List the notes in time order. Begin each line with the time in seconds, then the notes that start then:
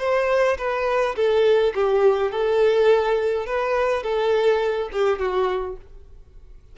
0.00 C5
0.58 B4
1.16 A4
1.75 G4
2.32 A4
3.47 B4
4.04 A4
4.92 G4
5.19 F#4